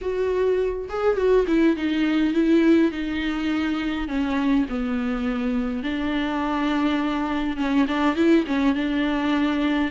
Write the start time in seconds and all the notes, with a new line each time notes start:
0.01 F#4
0.89 G#4
1.16 F#4
1.47 E4
1.76 D#4
2.33 E4
2.91 D#4
4.08 C#4
4.69 B3
5.83 D4
7.56 C#4
7.87 D4
8.15 E4
8.46 C#4
8.74 D4